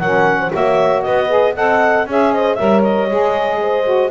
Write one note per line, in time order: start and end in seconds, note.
0.00 0.52 F#3
0.00 0.52 C#4
0.00 0.40 A#4
0.00 0.51 F#5
0.40 0.52 C5
0.52 1.06 A#3
0.52 1.29 F#4
0.52 1.05 C#5
0.52 1.03 E5
1.03 1.57 B3
1.03 1.55 B4
1.03 1.54 D#5
1.29 1.55 G#4
1.55 2.07 C4
1.55 2.08 A4
1.55 2.07 D#5
1.55 2.07 F#5
2.07 2.58 C#4
2.07 2.58 G#4
2.07 2.34 C#5
2.07 2.33 E5
2.33 2.58 C5
2.33 2.55 D#5
2.55 3.11 G3
2.55 3.09 A#4
2.55 3.60 C#5
2.55 2.81 E5
2.83 4.12 D#5
3.11 4.12 G#3
3.11 3.85 G#4
3.61 4.12 C5
3.85 4.10 F#4